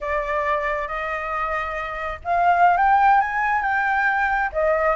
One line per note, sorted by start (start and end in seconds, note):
0.00 0.87 D5
0.87 2.19 D#5
2.24 2.77 F5
2.77 3.20 G5
3.20 3.62 G#5
3.62 4.50 G5
4.52 4.96 D#5